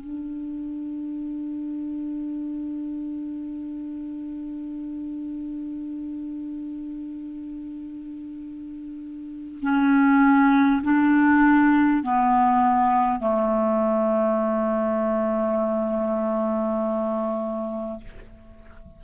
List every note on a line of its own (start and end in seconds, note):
0.00 9.60 D4
9.61 10.81 C#4
10.83 12.03 D4
12.03 13.19 B3
13.19 17.99 A3